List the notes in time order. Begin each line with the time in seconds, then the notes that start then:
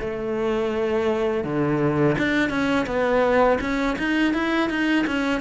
0.00 A3
1.44 D3
2.18 D4
2.50 C#4
2.86 B3
3.61 C#4
3.98 D#4
4.34 E4
4.70 D#4
5.07 C#4